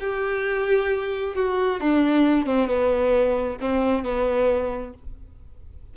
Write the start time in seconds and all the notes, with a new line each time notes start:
0.00 G4
1.35 F#4
1.80 D4
2.46 C4
2.68 B3
3.61 C4
4.04 B3